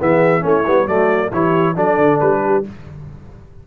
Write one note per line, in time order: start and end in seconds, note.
0.00 0.44 E3
0.00 0.41 B3
0.00 0.43 G#4
0.00 0.46 E5
0.41 0.66 A3
0.41 0.63 C#4
0.41 0.88 E4
0.48 0.88 C#5
0.67 0.87 G3
0.67 0.88 B3
0.87 1.31 F#3
0.87 1.32 A3
0.87 1.32 F#4
0.87 1.32 D5
1.32 1.76 E3
1.32 1.76 E4
1.32 1.75 G4
1.32 1.77 C#5
1.75 1.98 F#3
1.75 2.64 D4
1.75 2.41 A4
1.75 2.20 D5
1.98 2.20 D3
2.20 2.66 G3
2.20 2.65 B4
2.46 2.68 G4